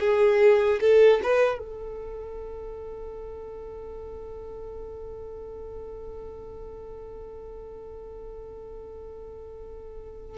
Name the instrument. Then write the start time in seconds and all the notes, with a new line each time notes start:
violin
0.00 G#4
0.81 A4
1.23 B4
1.59 A4